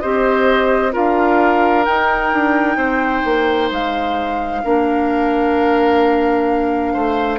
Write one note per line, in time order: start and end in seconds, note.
0.00 0.96 C4
0.00 0.92 G4
0.00 0.93 C5
0.00 0.92 D#5
0.92 1.88 D4
0.92 1.84 F4
0.92 2.77 A#4
0.92 1.85 F5
1.85 2.33 D#4
1.85 4.63 D#4
1.85 3.69 G5
2.33 2.76 D4
2.76 3.22 C4
2.76 4.62 C5
3.25 3.71 A#3
3.71 4.63 G#3
3.71 7.39 F5
4.63 6.95 A#3
4.63 7.39 D4
4.63 6.93 A#4
6.93 7.39 A3
6.93 7.39 C5